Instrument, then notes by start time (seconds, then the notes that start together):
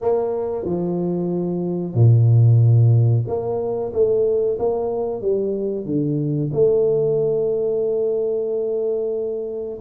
tuba
0.01 A#3
0.65 F3
1.94 A#2
3.27 A#3
3.92 A3
4.58 A#3
5.21 G3
5.85 D3
6.52 A3